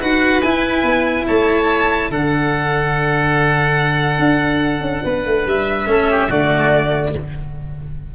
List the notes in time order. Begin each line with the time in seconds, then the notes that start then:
0.00 D#4 F#4 B4 F#5
0.42 E4 G#5
0.83 B3
1.27 A3 C#5 A5
2.10 D3 D4 A4 F#5
4.19 D4
4.81 C#4
5.05 B3 B4
5.26 A3
5.46 G3 E5
5.86 A3 C#4 A4
6.11 G4
6.29 D3 A3 F#4 D5